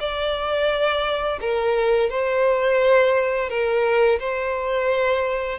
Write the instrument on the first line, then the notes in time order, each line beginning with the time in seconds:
violin
0.00 D5
1.40 A#4
2.10 C5
3.49 A#4
4.20 C5